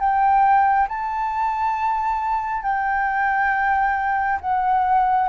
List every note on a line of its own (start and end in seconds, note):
0.00 0.88 G5
0.89 2.63 A5
2.63 4.40 G5
4.41 5.29 F#5